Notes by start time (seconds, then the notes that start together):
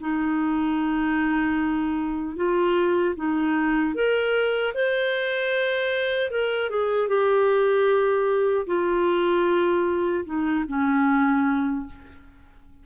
0.00 D#4
2.36 F4
3.15 D#4
3.94 A#4
4.74 C5
6.30 A#4
6.70 G#4
7.08 G4
8.67 F4
10.25 D#4
10.68 C#4